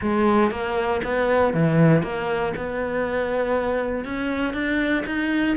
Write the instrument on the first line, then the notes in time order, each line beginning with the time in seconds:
cello
0.01 G#3
0.50 A#3
1.03 B3
1.53 E3
2.02 A#3
2.56 B3
4.04 C#4
4.53 D4
5.06 D#4